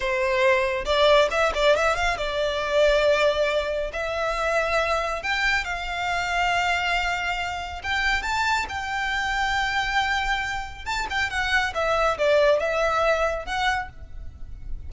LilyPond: \new Staff \with { instrumentName = "violin" } { \time 4/4 \tempo 4 = 138 c''2 d''4 e''8 d''8 | e''8 f''8 d''2.~ | d''4 e''2. | g''4 f''2.~ |
f''2 g''4 a''4 | g''1~ | g''4 a''8 g''8 fis''4 e''4 | d''4 e''2 fis''4 | }